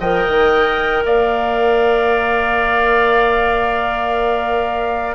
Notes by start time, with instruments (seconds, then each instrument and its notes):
0.00 bassoon F3, clarinet A#4, oboe D#5, flute G5
0.29 bassoon D#3
1.04 bassoon A#3, oboe D5, flute F5